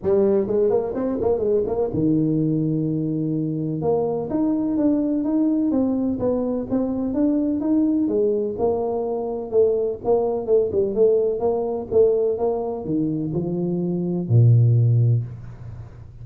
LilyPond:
\new Staff \with { instrumentName = "tuba" } { \time 4/4 \tempo 4 = 126 g4 gis8 ais8 c'8 ais8 gis8 ais8 | dis1 | ais4 dis'4 d'4 dis'4 | c'4 b4 c'4 d'4 |
dis'4 gis4 ais2 | a4 ais4 a8 g8 a4 | ais4 a4 ais4 dis4 | f2 ais,2 | }